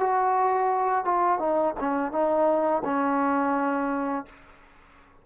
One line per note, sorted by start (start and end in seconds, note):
0.00 1.05 F#4
1.05 1.40 F4
1.40 1.75 D#4
1.80 2.12 C#4
2.12 2.83 D#4
2.85 4.26 C#4